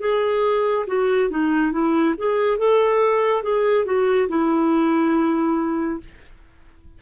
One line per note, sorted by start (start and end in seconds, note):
0.00 0.86 G#4
0.87 1.30 F#4
1.30 1.72 D#4
1.72 2.15 E4
2.17 2.58 G#4
2.58 3.43 A4
3.43 3.85 G#4
3.85 4.28 F#4
4.28 6.00 E4